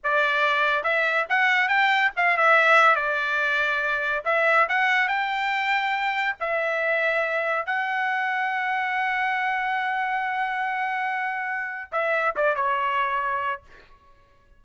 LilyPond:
\new Staff \with { instrumentName = "trumpet" } { \time 4/4 \tempo 4 = 141 d''2 e''4 fis''4 | g''4 f''8 e''4. d''4~ | d''2 e''4 fis''4 | g''2. e''4~ |
e''2 fis''2~ | fis''1~ | fis''1 | e''4 d''8 cis''2~ cis''8 | }